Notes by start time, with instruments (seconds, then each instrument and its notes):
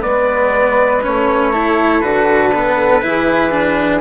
0.00 bassoon G#3, cello B3, flute B4, trumpet D5
1.02 bassoon A3, cello C#4, trumpet C#5
1.52 cello E4, flute A4
2.01 bassoon D3, cello F#4, trumpet B4
2.54 cello B3
3.01 bassoon E3, cello E4, flute G#4
3.51 cello D4